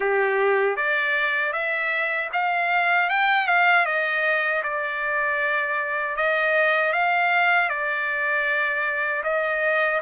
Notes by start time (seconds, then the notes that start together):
0.00 G4
0.76 D5
1.52 E5
2.32 F5
3.09 G5
3.47 F5
3.85 D#5
4.63 D5
6.16 D#5
6.92 F5
7.69 D5
9.23 D#5